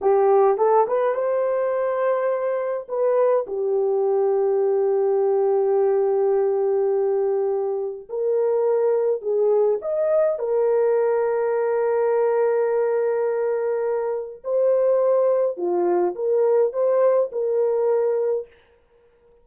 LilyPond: \new Staff \with { instrumentName = "horn" } { \time 4/4 \tempo 4 = 104 g'4 a'8 b'8 c''2~ | c''4 b'4 g'2~ | g'1~ | g'2 ais'2 |
gis'4 dis''4 ais'2~ | ais'1~ | ais'4 c''2 f'4 | ais'4 c''4 ais'2 | }